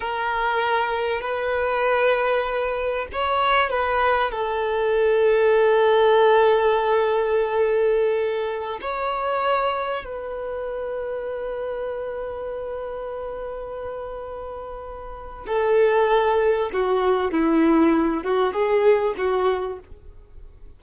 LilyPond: \new Staff \with { instrumentName = "violin" } { \time 4/4 \tempo 4 = 97 ais'2 b'2~ | b'4 cis''4 b'4 a'4~ | a'1~ | a'2~ a'16 cis''4.~ cis''16~ |
cis''16 b'2.~ b'8.~ | b'1~ | b'4 a'2 fis'4 | e'4. fis'8 gis'4 fis'4 | }